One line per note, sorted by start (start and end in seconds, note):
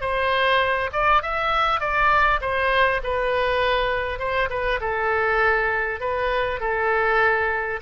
0.00 0.90 C5
0.92 1.22 D5
1.22 1.80 E5
1.80 2.40 D5
2.41 3.01 C5
3.03 4.19 B4
4.19 4.49 C5
4.49 4.79 B4
4.80 6.00 A4
6.00 6.60 B4
6.60 7.80 A4